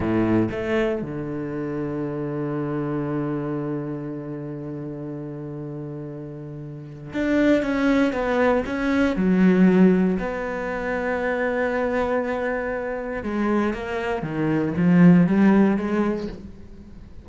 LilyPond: \new Staff \with { instrumentName = "cello" } { \time 4/4 \tempo 4 = 118 a,4 a4 d2~ | d1~ | d1~ | d2 d'4 cis'4 |
b4 cis'4 fis2 | b1~ | b2 gis4 ais4 | dis4 f4 g4 gis4 | }